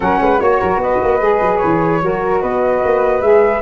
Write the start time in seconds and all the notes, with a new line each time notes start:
0.00 F#3 C#4 A#4 F#5
0.19 G#3 B4
0.39 A#3 F#4 C#5
0.60 F#3 A#4
0.77 B3 B4 D#5
1.02 A#3
1.20 G#3 G#4
1.41 F#3
1.57 C#5
1.64 E3
2.01 F#3 F#4 A#4
2.41 B3 B4 D#5
2.84 A#3
3.21 G#3 G#4 E5